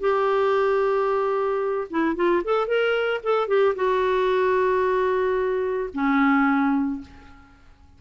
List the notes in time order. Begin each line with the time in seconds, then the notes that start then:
0.00 G4
1.90 E4
2.16 F4
2.44 A4
2.67 A#4
3.23 A4
3.48 G4
3.75 F#4
5.94 C#4